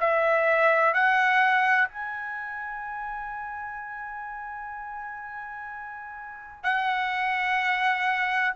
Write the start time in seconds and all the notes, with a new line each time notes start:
0.00 E5
0.94 F#5
1.88 G#5
6.63 F#5